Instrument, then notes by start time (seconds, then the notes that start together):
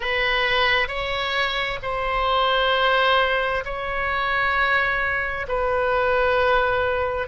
oboe
0.00 B4
0.88 C#5
1.82 C5
3.64 C#5
5.48 B4